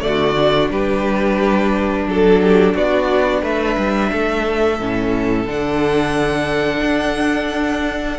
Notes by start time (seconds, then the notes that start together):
0.00 D3 A3 F#4 D5
0.35 D4
0.70 G3 G4 B4
2.06 F#3 A4
2.42 G4
2.74 B3 F#4 D5
3.42 A3 B4 E5
3.77 G3
4.12 A3 A4
4.79 A2 C#4
5.45 D3 D4 F#5
6.82 D4